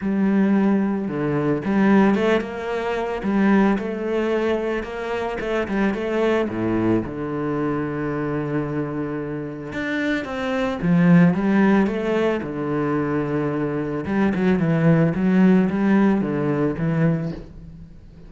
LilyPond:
\new Staff \with { instrumentName = "cello" } { \time 4/4 \tempo 4 = 111 g2 d4 g4 | a8 ais4. g4 a4~ | a4 ais4 a8 g8 a4 | a,4 d2.~ |
d2 d'4 c'4 | f4 g4 a4 d4~ | d2 g8 fis8 e4 | fis4 g4 d4 e4 | }